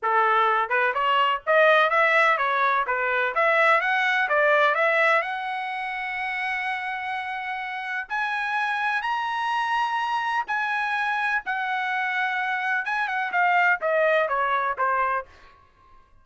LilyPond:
\new Staff \with { instrumentName = "trumpet" } { \time 4/4 \tempo 4 = 126 a'4. b'8 cis''4 dis''4 | e''4 cis''4 b'4 e''4 | fis''4 d''4 e''4 fis''4~ | fis''1~ |
fis''4 gis''2 ais''4~ | ais''2 gis''2 | fis''2. gis''8 fis''8 | f''4 dis''4 cis''4 c''4 | }